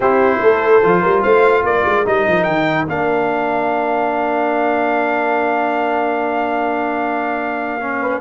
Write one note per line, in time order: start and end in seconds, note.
0.00 0.40 C4
0.00 0.83 E4
0.00 0.39 G4
0.00 1.22 C5
0.41 0.82 A3
0.41 1.01 A4
0.83 1.03 F3
0.83 2.05 F4
1.01 1.24 G3
1.01 1.22 A#4
1.22 1.63 A3
1.22 1.63 C5
1.22 1.63 F5
1.63 1.84 A#3
1.63 8.00 A#4
1.63 2.06 D5
1.85 2.05 G#3
2.05 2.26 G3
2.05 2.87 D#4
2.05 2.43 D#5
2.27 2.46 F3
2.43 2.87 D#3
2.43 2.84 G5
2.87 8.21 A#3
2.87 7.80 D4
2.87 8.21 F5
7.80 8.21 C#4
8.01 8.21 B4